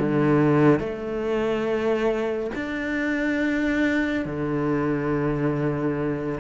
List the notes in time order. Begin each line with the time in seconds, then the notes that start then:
0.00 D3
0.80 A3
2.56 D4
4.26 D3